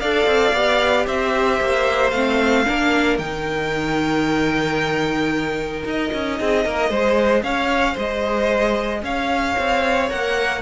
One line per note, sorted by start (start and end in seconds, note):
0.00 0.26 D4
0.00 0.55 A4
0.00 1.06 D5
0.00 1.06 F5
0.26 0.53 C4
0.53 1.06 B3
0.53 2.14 G4
1.06 1.60 C4
1.06 2.66 C5
1.06 2.11 E5
1.61 2.12 A#3
2.11 2.65 A3
2.11 2.66 C4
2.11 3.17 F5
2.66 3.19 A#3
2.66 3.19 D4
2.66 6.39 A#4
3.19 5.84 D#3
3.19 6.92 D#4
3.19 5.84 G5
5.85 6.12 D#4
5.85 7.44 D#5
6.14 6.40 C#4
6.40 6.66 C4
6.40 6.65 G#4
6.65 6.90 A#3
6.65 6.91 A#4
6.90 7.43 G#3
6.90 10.10 G#4
6.90 7.44 C5
7.43 7.96 C#4
7.43 7.94 C#5
7.43 7.97 F5
7.94 9.03 G#3
7.94 9.00 C5
7.94 9.05 D#5
9.03 9.56 C#4
9.03 10.62 C#5
9.03 10.10 F5
9.59 10.12 C4
10.10 10.62 A#3
10.10 10.62 A#4
10.10 10.62 F#5